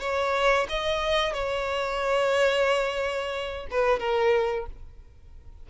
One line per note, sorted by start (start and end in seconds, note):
0.00 0.67 C#5
0.69 1.33 D#5
1.33 3.67 C#5
3.70 3.99 B4
3.99 4.66 A#4